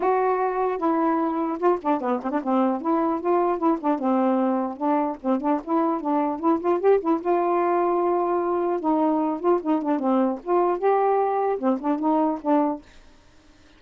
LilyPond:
\new Staff \with { instrumentName = "saxophone" } { \time 4/4 \tempo 4 = 150 fis'2 e'2 | f'8 d'8 b8 c'16 d'16 c'4 e'4 | f'4 e'8 d'8 c'2 | d'4 c'8 d'8 e'4 d'4 |
e'8 f'8 g'8 e'8 f'2~ | f'2 dis'4. f'8 | dis'8 d'8 c'4 f'4 g'4~ | g'4 c'8 d'8 dis'4 d'4 | }